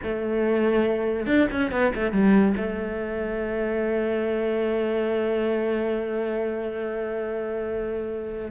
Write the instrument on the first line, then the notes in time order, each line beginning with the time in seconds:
cello
0.03 A3
1.26 D4
1.51 C#4
1.71 B3
1.95 A3
2.12 G3
2.56 A3